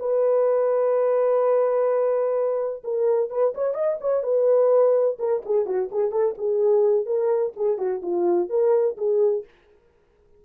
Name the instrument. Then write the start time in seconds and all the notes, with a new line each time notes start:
horn
0.00 B4
2.84 A#4
3.30 B4
3.55 C#5
3.75 D#5
4.01 C#5
4.23 B4
5.19 A#4
5.46 G#4
5.66 F#4
5.92 G#4
6.12 A4
6.38 G#4
7.06 A#4
7.57 G#4
7.78 F#4
8.03 F4
8.50 A#4
8.98 G#4